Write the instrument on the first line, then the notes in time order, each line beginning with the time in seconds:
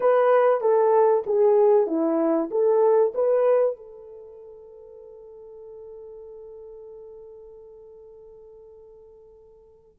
horn
0.00 B4
0.61 A4
1.26 G#4
1.87 E4
2.50 A4
3.14 B4
3.76 A4